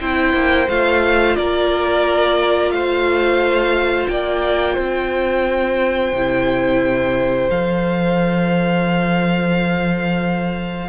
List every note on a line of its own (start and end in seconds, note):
0.00 0.33 C4
0.00 0.69 E4
0.00 1.37 C5
0.00 0.69 G5
0.33 0.67 A#3
0.69 1.37 A3
0.69 6.15 F4
0.69 1.36 F5
1.36 2.70 A#3
1.36 2.74 A#4
1.36 2.71 D5
2.70 4.07 A3
2.70 4.11 C5
2.70 4.08 F5
4.08 4.77 A#3
4.08 4.74 D5
4.08 7.49 G5
4.74 6.13 C4
4.74 10.88 C5
6.13 7.49 C3
6.13 7.51 E4
7.50 10.89 F3
7.50 10.89 A4
7.50 10.89 F5